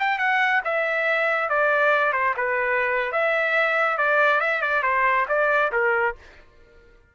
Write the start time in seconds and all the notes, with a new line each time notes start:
0.00 G5
0.18 F#5
0.65 E5
1.50 D5
2.13 C5
2.37 B4
3.12 E5
3.98 D5
4.41 E5
4.62 D5
4.83 C5
5.29 D5
5.72 A#4